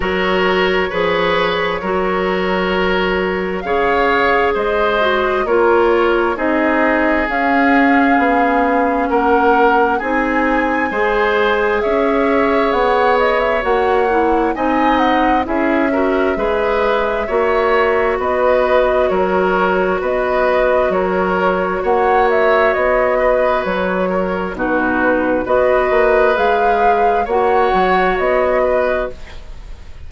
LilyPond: <<
  \new Staff \with { instrumentName = "flute" } { \time 4/4 \tempo 4 = 66 cis''1 | f''4 dis''4 cis''4 dis''4 | f''2 fis''4 gis''4~ | gis''4 e''4 fis''8 dis''16 e''16 fis''4 |
gis''8 fis''8 e''2. | dis''4 cis''4 dis''4 cis''4 | fis''8 e''8 dis''4 cis''4 b'4 | dis''4 f''4 fis''4 dis''4 | }
  \new Staff \with { instrumentName = "oboe" } { \time 4/4 ais'4 b'4 ais'2 | cis''4 c''4 ais'4 gis'4~ | gis'2 ais'4 gis'4 | c''4 cis''2. |
dis''4 gis'8 ais'8 b'4 cis''4 | b'4 ais'4 b'4 ais'4 | cis''4. b'4 ais'8 fis'4 | b'2 cis''4. b'8 | }
  \new Staff \with { instrumentName = "clarinet" } { \time 4/4 fis'4 gis'4 fis'2 | gis'4. fis'8 f'4 dis'4 | cis'2. dis'4 | gis'2. fis'8 e'8 |
dis'4 e'8 fis'8 gis'4 fis'4~ | fis'1~ | fis'2. dis'4 | fis'4 gis'4 fis'2 | }
  \new Staff \with { instrumentName = "bassoon" } { \time 4/4 fis4 f4 fis2 | cis4 gis4 ais4 c'4 | cis'4 b4 ais4 c'4 | gis4 cis'4 b4 ais4 |
c'4 cis'4 gis4 ais4 | b4 fis4 b4 fis4 | ais4 b4 fis4 b,4 | b8 ais8 gis4 ais8 fis8 b4 | }
>>